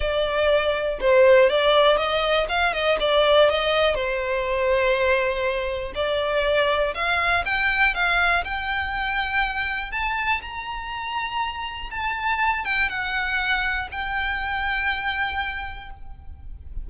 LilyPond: \new Staff \with { instrumentName = "violin" } { \time 4/4 \tempo 4 = 121 d''2 c''4 d''4 | dis''4 f''8 dis''8 d''4 dis''4 | c''1 | d''2 f''4 g''4 |
f''4 g''2. | a''4 ais''2. | a''4. g''8 fis''2 | g''1 | }